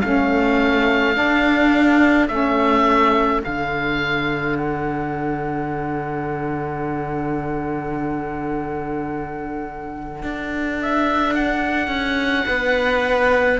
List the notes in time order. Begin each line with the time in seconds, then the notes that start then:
0.00 A3 C#4 A4 F5
1.14 D4
2.28 A3 C#4 E5
3.42 D3 D4 F5
4.57 F#5
10.22 D4
10.81 E5
11.34 F#5
11.87 C#4
12.46 B3 B4